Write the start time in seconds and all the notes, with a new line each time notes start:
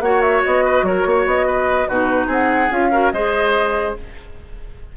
0.00 A#3 F#4 C#5 F#5
0.22 E5
0.44 B3 D#5
0.65 B4
0.83 F#3 A#4 C#5
1.06 A#3 C#5
1.26 B3 D#5
1.47 B4
1.88 B2 D#4 F#4 B4
2.27 C4 G#4 F#5
2.71 C#4 F4 F5
2.92 F#4 A#4
3.12 G#3 G#4 C5 D#5